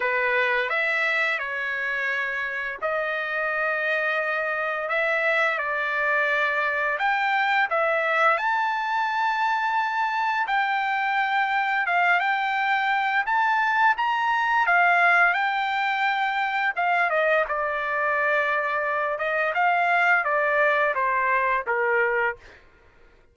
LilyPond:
\new Staff \with { instrumentName = "trumpet" } { \time 4/4 \tempo 4 = 86 b'4 e''4 cis''2 | dis''2. e''4 | d''2 g''4 e''4 | a''2. g''4~ |
g''4 f''8 g''4. a''4 | ais''4 f''4 g''2 | f''8 dis''8 d''2~ d''8 dis''8 | f''4 d''4 c''4 ais'4 | }